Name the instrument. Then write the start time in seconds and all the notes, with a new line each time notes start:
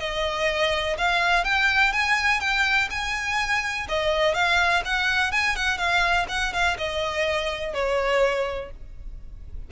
violin
0.00 D#5
0.98 F5
1.44 G5
1.92 G#5
2.40 G5
2.90 G#5
3.89 D#5
4.34 F5
4.85 F#5
5.32 G#5
5.56 F#5
5.78 F5
6.29 F#5
6.53 F5
6.78 D#5
7.74 C#5